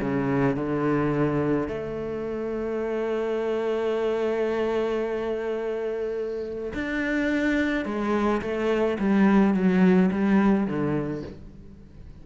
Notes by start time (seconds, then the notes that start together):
0.00 C#3
0.56 D3
1.68 A3
6.74 D4
7.85 G#3
8.41 A3
8.99 G3
9.54 F#3
10.11 G3
10.66 D3